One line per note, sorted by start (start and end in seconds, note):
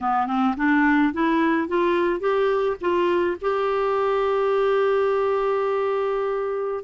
0.00 0.26 B3
0.26 0.54 C4
0.57 1.13 D4
1.13 1.67 E4
1.67 2.20 F4
2.20 2.76 G4
2.80 3.36 F4
3.41 6.84 G4